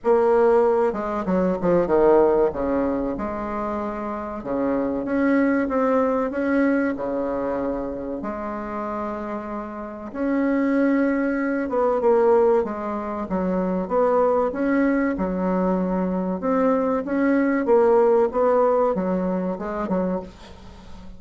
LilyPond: \new Staff \with { instrumentName = "bassoon" } { \time 4/4 \tempo 4 = 95 ais4. gis8 fis8 f8 dis4 | cis4 gis2 cis4 | cis'4 c'4 cis'4 cis4~ | cis4 gis2. |
cis'2~ cis'8 b8 ais4 | gis4 fis4 b4 cis'4 | fis2 c'4 cis'4 | ais4 b4 fis4 gis8 fis8 | }